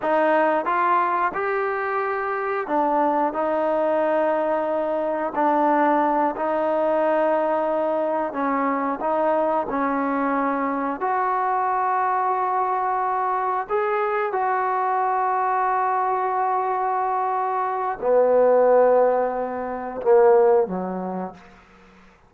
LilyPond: \new Staff \with { instrumentName = "trombone" } { \time 4/4 \tempo 4 = 90 dis'4 f'4 g'2 | d'4 dis'2. | d'4. dis'2~ dis'8~ | dis'8 cis'4 dis'4 cis'4.~ |
cis'8 fis'2.~ fis'8~ | fis'8 gis'4 fis'2~ fis'8~ | fis'2. b4~ | b2 ais4 fis4 | }